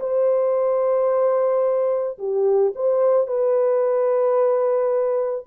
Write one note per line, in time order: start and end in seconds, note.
0.00 2.18 C5
2.19 2.73 G4
2.76 3.27 C5
3.27 5.45 B4